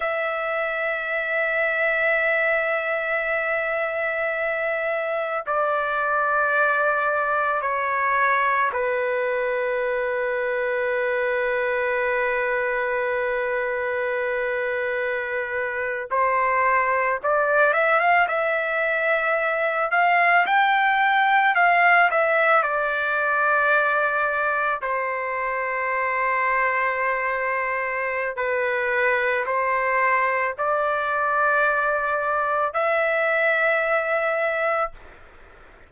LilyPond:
\new Staff \with { instrumentName = "trumpet" } { \time 4/4 \tempo 4 = 55 e''1~ | e''4 d''2 cis''4 | b'1~ | b'2~ b'8. c''4 d''16~ |
d''16 e''16 f''16 e''4. f''8 g''4 f''16~ | f''16 e''8 d''2 c''4~ c''16~ | c''2 b'4 c''4 | d''2 e''2 | }